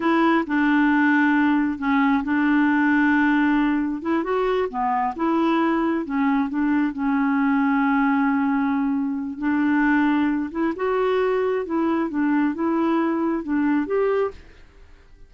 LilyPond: \new Staff \with { instrumentName = "clarinet" } { \time 4/4 \tempo 4 = 134 e'4 d'2. | cis'4 d'2.~ | d'4 e'8 fis'4 b4 e'8~ | e'4. cis'4 d'4 cis'8~ |
cis'1~ | cis'4 d'2~ d'8 e'8 | fis'2 e'4 d'4 | e'2 d'4 g'4 | }